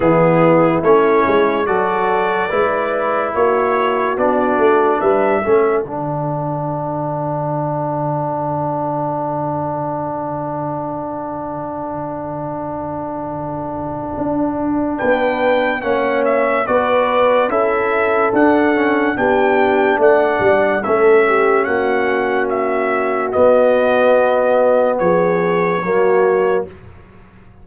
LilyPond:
<<
  \new Staff \with { instrumentName = "trumpet" } { \time 4/4 \tempo 4 = 72 gis'4 cis''4 d''2 | cis''4 d''4 e''4 fis''4~ | fis''1~ | fis''1~ |
fis''2 g''4 fis''8 e''8 | d''4 e''4 fis''4 g''4 | fis''4 e''4 fis''4 e''4 | dis''2 cis''2 | }
  \new Staff \with { instrumentName = "horn" } { \time 4/4 e'2 a'4 b'4 | fis'2 b'8 a'4.~ | a'1~ | a'1~ |
a'2 b'4 cis''4 | b'4 a'2 g'4 | d''4 a'8 g'8 fis'2~ | fis'2 gis'4 fis'4 | }
  \new Staff \with { instrumentName = "trombone" } { \time 4/4 b4 cis'4 fis'4 e'4~ | e'4 d'4. cis'8 d'4~ | d'1~ | d'1~ |
d'2. cis'4 | fis'4 e'4 d'8 cis'8 d'4~ | d'4 cis'2. | b2. ais4 | }
  \new Staff \with { instrumentName = "tuba" } { \time 4/4 e4 a8 gis8 fis4 gis4 | ais4 b8 a8 g8 a8 d4~ | d1~ | d1~ |
d4 d'4 b4 ais4 | b4 cis'4 d'4 b4 | a8 g8 a4 ais2 | b2 f4 fis4 | }
>>